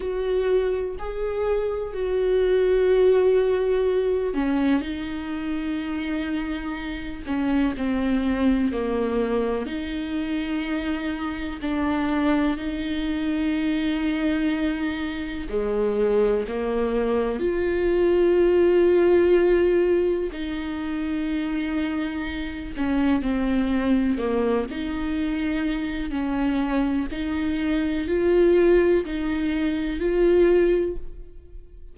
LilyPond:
\new Staff \with { instrumentName = "viola" } { \time 4/4 \tempo 4 = 62 fis'4 gis'4 fis'2~ | fis'8 cis'8 dis'2~ dis'8 cis'8 | c'4 ais4 dis'2 | d'4 dis'2. |
gis4 ais4 f'2~ | f'4 dis'2~ dis'8 cis'8 | c'4 ais8 dis'4. cis'4 | dis'4 f'4 dis'4 f'4 | }